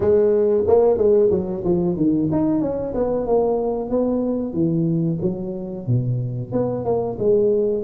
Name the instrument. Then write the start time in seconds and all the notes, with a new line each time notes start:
tuba
0.00 G#3
0.67 A#3
0.97 G#3
1.30 F#3
1.64 F3
1.96 D#3
2.31 D#4
2.61 C#4
2.94 B3
3.26 A#3
3.89 B3
4.53 E3
5.21 F#3
5.86 B2
6.52 B3
6.84 A#3
7.18 G#3